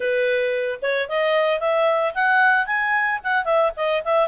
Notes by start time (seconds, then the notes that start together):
0.00 B4
0.82 C#5
1.08 D#5
1.59 E5
2.14 F#5
2.66 G#5
3.23 F#5
3.44 E5
3.76 D#5
4.04 E5